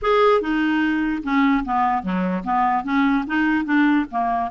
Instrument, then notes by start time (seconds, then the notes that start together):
clarinet
0.02 G#4
0.41 D#4
1.23 C#4
1.64 B3
2.03 F#3
2.44 B3
2.84 C#4
3.27 D#4
3.64 D4
4.11 A#3